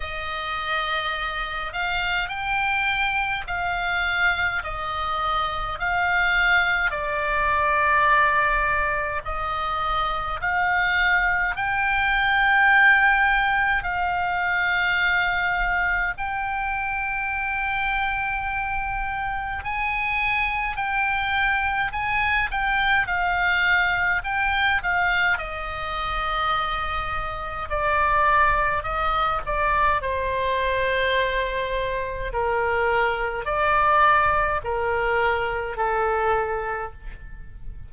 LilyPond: \new Staff \with { instrumentName = "oboe" } { \time 4/4 \tempo 4 = 52 dis''4. f''8 g''4 f''4 | dis''4 f''4 d''2 | dis''4 f''4 g''2 | f''2 g''2~ |
g''4 gis''4 g''4 gis''8 g''8 | f''4 g''8 f''8 dis''2 | d''4 dis''8 d''8 c''2 | ais'4 d''4 ais'4 a'4 | }